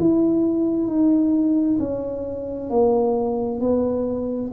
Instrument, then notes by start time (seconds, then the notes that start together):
tuba
0.00 E4
0.87 D#4
1.80 C#4
2.70 A#3
3.61 B3